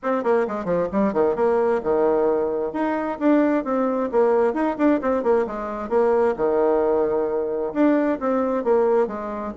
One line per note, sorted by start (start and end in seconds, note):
0.02 0.23 C4
0.23 0.46 A#3
0.47 0.64 G#3
0.64 0.87 F3
0.92 1.13 G3
1.13 1.35 D#3
1.35 1.81 A#3
1.83 2.73 D#3
2.73 3.18 D#4
3.19 3.64 D4
3.64 4.09 C4
4.11 4.53 A#3
4.53 4.76 D#4
4.77 5.00 D4
5.01 5.23 C4
5.23 5.45 A#3
5.46 5.89 G#3
5.89 6.34 A#3
6.36 7.73 D#3
7.73 8.19 D4
8.20 8.64 C4
8.64 9.07 A#3
9.07 9.52 G#3